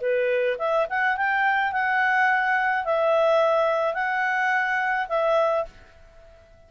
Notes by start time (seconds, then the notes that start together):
0.00 B4
0.58 E5
0.89 F#5
1.16 G5
1.72 F#5
2.84 E5
3.94 F#5
5.08 E5